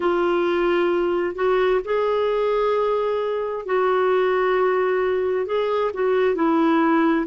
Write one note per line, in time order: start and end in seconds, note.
0.00 1.35 F4
1.35 1.80 F#4
1.84 3.65 G#4
3.65 5.45 F#4
5.45 5.91 G#4
5.93 6.35 F#4
6.35 7.26 E4